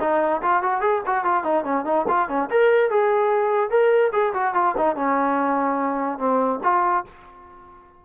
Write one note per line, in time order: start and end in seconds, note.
0.00 0.41 D#4
0.42 0.62 F4
0.62 0.81 F#4
0.81 1.02 G#4
1.06 1.25 F#4
1.25 1.44 F4
1.44 1.64 D#4
1.64 1.85 C#4
1.85 2.06 D#4
2.08 2.29 F4
2.29 2.49 C#4
2.50 2.90 A#4
2.90 3.70 G#4
3.70 4.12 A#4
4.12 4.33 G#4
4.34 4.54 F#4
4.54 4.75 F4
4.77 4.96 D#4
4.96 6.18 C#4
6.18 6.60 C4
6.63 7.05 F4